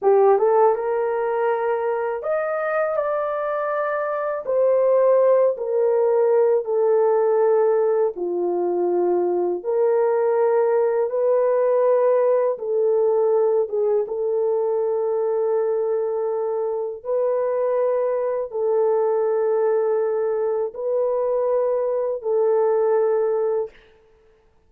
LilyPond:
\new Staff \with { instrumentName = "horn" } { \time 4/4 \tempo 4 = 81 g'8 a'8 ais'2 dis''4 | d''2 c''4. ais'8~ | ais'4 a'2 f'4~ | f'4 ais'2 b'4~ |
b'4 a'4. gis'8 a'4~ | a'2. b'4~ | b'4 a'2. | b'2 a'2 | }